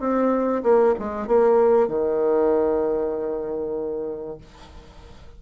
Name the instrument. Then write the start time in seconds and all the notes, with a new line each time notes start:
bassoon
0.00 C4
0.63 A#3
0.99 G#3
1.27 A#3
1.88 D#3